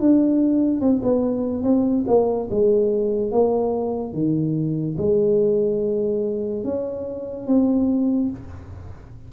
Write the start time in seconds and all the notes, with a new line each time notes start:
0.00 D4
0.81 C4
1.03 B3
1.63 C4
2.07 A#3
2.50 G#3
3.31 A#3
4.13 D#3
4.98 G#3
6.64 C#4
7.47 C4